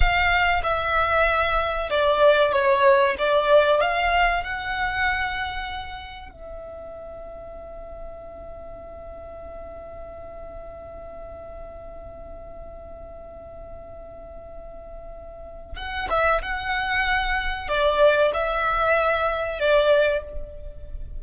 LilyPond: \new Staff \with { instrumentName = "violin" } { \time 4/4 \tempo 4 = 95 f''4 e''2 d''4 | cis''4 d''4 f''4 fis''4~ | fis''2 e''2~ | e''1~ |
e''1~ | e''1~ | e''4 fis''8 e''8 fis''2 | d''4 e''2 d''4 | }